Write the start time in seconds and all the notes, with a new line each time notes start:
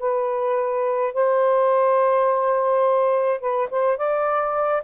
0.00 B4
1.14 C5
3.41 B4
3.71 C5
3.98 D5